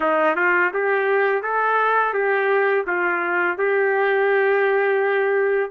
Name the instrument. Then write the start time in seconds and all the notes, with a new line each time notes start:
trumpet
0.00 D#4
0.36 F4
0.73 G4
1.42 A4
2.13 G4
2.86 F4
3.57 G4